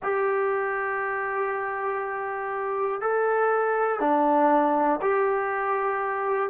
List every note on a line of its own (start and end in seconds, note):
0.03 3.01 G4
3.01 4.00 A4
4.00 5.00 D4
5.01 6.49 G4